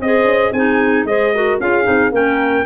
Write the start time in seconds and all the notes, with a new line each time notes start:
0.00 C4 G#4 C5 D#5
0.25 C#4
0.52 C4 D#4 G#4 G#5
1.04 G#3 G#4 C5 D#5
1.35 F#4 A#4
1.60 C#4 F4 G#4 F5
1.84 C4 D#4
2.11 A#3 C#4 A#4 G5